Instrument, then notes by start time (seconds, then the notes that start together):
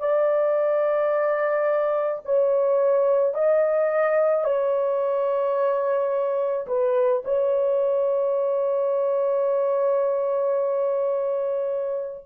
horn
0.00 D5
2.25 C#5
3.34 D#5
4.44 C#5
6.68 B4
7.25 C#5